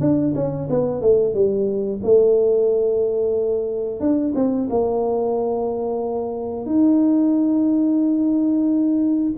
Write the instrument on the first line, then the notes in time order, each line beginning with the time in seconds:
tuba
0.00 D4
0.35 C#4
0.70 B3
1.01 A3
1.34 G3
2.03 A3
4.00 D4
4.35 C4
4.69 A#3
6.66 D#4